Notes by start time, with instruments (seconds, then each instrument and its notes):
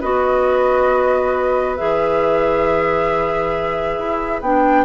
0.00 bassoon B3, clarinet F#4, oboe B4, flute D#5
1.76 bassoon E3, clarinet G#4, flute E5
3.98 bassoon E4
4.41 bassoon B3, clarinet D4, flute G5